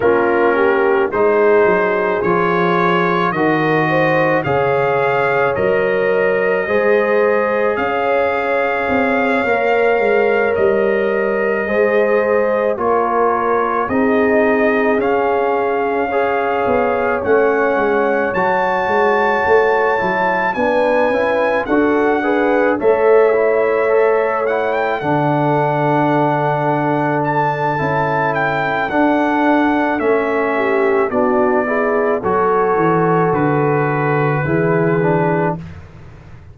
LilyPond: <<
  \new Staff \with { instrumentName = "trumpet" } { \time 4/4 \tempo 4 = 54 ais'4 c''4 cis''4 dis''4 | f''4 dis''2 f''4~ | f''4. dis''2 cis''8~ | cis''8 dis''4 f''2 fis''8~ |
fis''8 a''2 gis''4 fis''8~ | fis''8 e''4. fis''16 g''16 fis''4.~ | fis''8 a''4 g''8 fis''4 e''4 | d''4 cis''4 b'2 | }
  \new Staff \with { instrumentName = "horn" } { \time 4/4 f'8 g'8 gis'2 ais'8 c''8 | cis''2 c''4 cis''4~ | cis''2~ cis''8 c''4 ais'8~ | ais'8 gis'2 cis''4.~ |
cis''2~ cis''8 b'4 a'8 | b'8 cis''2 a'4.~ | a'2.~ a'8 g'8 | fis'8 gis'8 a'2 gis'4 | }
  \new Staff \with { instrumentName = "trombone" } { \time 4/4 cis'4 dis'4 f'4 fis'4 | gis'4 ais'4 gis'2~ | gis'8 ais'2 gis'4 f'8~ | f'8 dis'4 cis'4 gis'4 cis'8~ |
cis'8 fis'4. e'8 d'8 e'8 fis'8 | gis'8 a'8 e'8 a'8 e'8 d'4.~ | d'4 e'4 d'4 cis'4 | d'8 e'8 fis'2 e'8 d'8 | }
  \new Staff \with { instrumentName = "tuba" } { \time 4/4 ais4 gis8 fis8 f4 dis4 | cis4 fis4 gis4 cis'4 | c'8 ais8 gis8 g4 gis4 ais8~ | ais8 c'4 cis'4. b8 a8 |
gis8 fis8 gis8 a8 fis8 b8 cis'8 d'8~ | d'8 a2 d4.~ | d4 cis'4 d'4 a4 | b4 fis8 e8 d4 e4 | }
>>